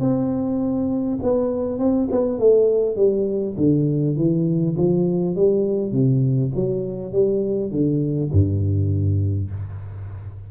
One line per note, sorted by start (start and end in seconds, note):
0.00 1.19 C4
1.22 1.79 B3
1.79 2.08 C4
2.11 2.39 B3
2.39 2.96 A3
2.96 3.55 G3
3.57 4.16 D3
4.16 4.76 E3
4.77 5.35 F3
5.35 5.92 G3
5.92 6.51 C3
6.55 7.12 F#3
7.12 7.71 G3
7.71 8.31 D3
8.32 9.50 G2